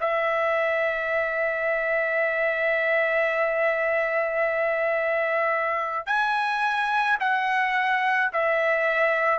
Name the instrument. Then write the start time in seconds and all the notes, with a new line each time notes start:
trumpet
0.00 E5
6.06 G#5
7.20 F#5
8.33 E5